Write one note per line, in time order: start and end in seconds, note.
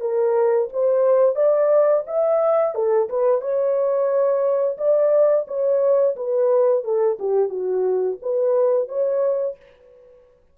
0.00 0.68 A#4
0.73 1.35 C5
1.35 2.04 D5
2.07 2.75 E5
2.75 3.09 A4
3.09 3.41 B4
3.41 4.77 C#5
4.78 5.46 D5
5.47 6.15 C#5
6.16 6.84 B4
6.84 7.18 A4
7.19 7.49 G4
7.49 8.18 F#4
8.22 8.88 B4
8.88 9.56 C#5